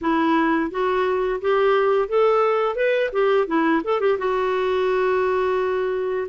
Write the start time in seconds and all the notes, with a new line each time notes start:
0.01 E4
0.70 F#4
1.41 G4
2.08 A4
2.75 B4
3.12 G4
3.47 E4
3.84 A4
4.00 G4
4.18 F#4